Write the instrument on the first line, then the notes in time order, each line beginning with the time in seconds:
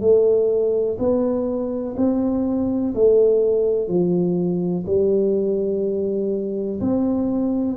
tuba
0.00 A3
0.98 B3
1.97 C4
2.94 A3
3.88 F3
4.86 G3
6.80 C4